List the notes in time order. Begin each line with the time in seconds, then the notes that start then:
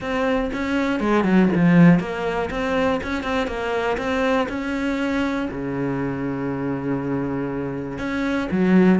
0.00 C4
0.53 C#4
1.00 G#3
1.23 F#3
1.55 F3
1.99 A#3
2.50 C4
3.02 C#4
3.23 C4
3.47 A#3
3.97 C4
4.48 C#4
5.51 C#3
7.98 C#4
8.51 F#3